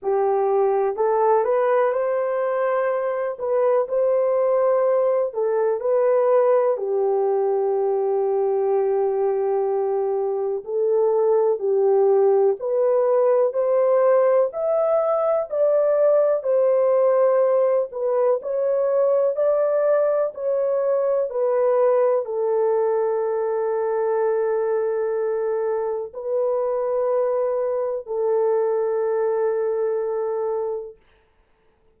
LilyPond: \new Staff \with { instrumentName = "horn" } { \time 4/4 \tempo 4 = 62 g'4 a'8 b'8 c''4. b'8 | c''4. a'8 b'4 g'4~ | g'2. a'4 | g'4 b'4 c''4 e''4 |
d''4 c''4. b'8 cis''4 | d''4 cis''4 b'4 a'4~ | a'2. b'4~ | b'4 a'2. | }